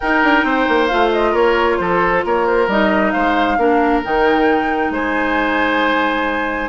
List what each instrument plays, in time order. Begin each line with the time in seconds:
0.00 bassoon D#4, clarinet D#4, oboe A#4, flute G5
0.23 bassoon D4
0.44 bassoon C4, oboe C5
0.68 bassoon A#3
0.87 bassoon A3, clarinet F4, flute F5
1.12 flute D#5
1.31 bassoon A#3, oboe A#4, flute C#5
1.77 bassoon F3, oboe A4, flute C5
2.24 bassoon A#3, oboe A#4, flute C#5
2.46 flute C5
2.67 bassoon G3, clarinet D#4, flute D#5
3.11 bassoon G#3, oboe C5, flute F5
3.57 bassoon A#3, clarinet D4, oboe A#4
4.03 bassoon D#3, clarinet D#4, flute G5
4.89 bassoon G#3, oboe C5, flute G#5